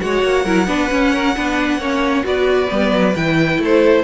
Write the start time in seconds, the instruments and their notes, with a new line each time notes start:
0.00 cello G#3, viola F#4, violin C#5 F#5
0.23 cello A#3
0.44 cello F#3, viola E4, violin A#4
0.67 cello B3, viola D4, violin B4
0.89 viola C#4, cello C#4
1.13 violin A#4
1.36 cello B3, viola D4, violin B4
1.79 cello A#3, viola C#4, violin C#5
2.24 cello B3, viola F#4, violin B4 D5
2.68 cello G3, viola B3
2.92 cello F#3
3.16 cello E3, viola E4, violin G5
3.58 cello A3, violin A4
3.65 violin C5